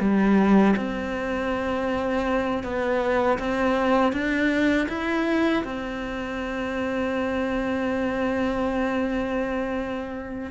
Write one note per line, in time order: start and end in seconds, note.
0.00 0.75 G3
0.76 2.63 C4
2.63 3.38 B3
3.39 4.12 C4
4.12 4.88 D4
4.89 5.64 E4
5.64 10.51 C4